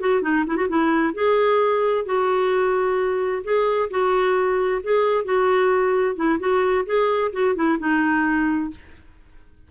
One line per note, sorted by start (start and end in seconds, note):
0.00 0.22 F#4
0.22 0.45 D#4
0.46 0.56 E4
0.56 0.68 F#4
0.68 1.14 E4
1.14 2.05 G#4
2.05 3.43 F#4
3.44 3.89 G#4
3.90 4.82 F#4
4.83 5.25 G#4
5.25 6.16 F#4
6.16 6.39 E4
6.39 6.85 F#4
6.86 7.32 G#4
7.33 7.55 F#4
7.55 7.78 E4
7.79 8.70 D#4